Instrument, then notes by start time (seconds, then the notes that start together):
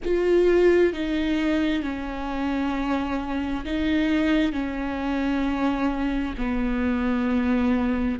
viola
0.04 F4
0.93 D#4
1.82 C#4
3.64 D#4
4.52 C#4
6.37 B3